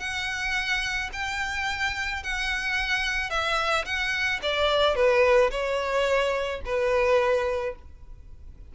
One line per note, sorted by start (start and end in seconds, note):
0.00 1.10 F#5
1.13 2.23 G5
2.23 3.30 F#5
3.30 3.85 E5
3.85 4.40 F#5
4.43 4.95 D5
4.95 5.50 B4
5.51 6.61 C#5
6.65 7.75 B4